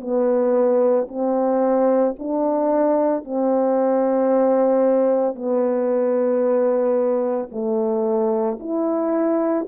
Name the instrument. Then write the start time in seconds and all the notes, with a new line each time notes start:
horn
0.00 B3
1.09 C4
2.19 D4
3.24 C4
5.35 B3
7.51 A3
8.59 E4